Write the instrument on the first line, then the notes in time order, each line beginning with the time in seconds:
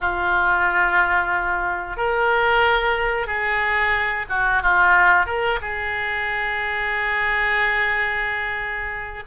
oboe
0.01 F4
1.96 A#4
3.26 G#4
4.29 F#4
4.62 F4
5.26 A#4
5.61 G#4